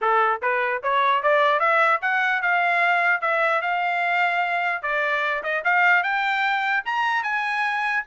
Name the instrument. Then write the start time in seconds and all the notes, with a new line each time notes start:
trumpet
0.01 A4
0.42 B4
0.83 C#5
1.23 D5
1.59 E5
2.01 F#5
2.42 F5
3.21 E5
3.61 F5
4.82 D5
5.43 D#5
5.64 F5
6.03 G5
6.85 A#5
7.23 G#5